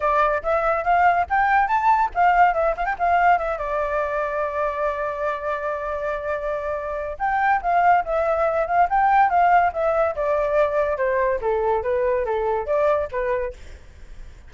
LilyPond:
\new Staff \with { instrumentName = "flute" } { \time 4/4 \tempo 4 = 142 d''4 e''4 f''4 g''4 | a''4 f''4 e''8 f''16 g''16 f''4 | e''8 d''2.~ d''8~ | d''1~ |
d''4 g''4 f''4 e''4~ | e''8 f''8 g''4 f''4 e''4 | d''2 c''4 a'4 | b'4 a'4 d''4 b'4 | }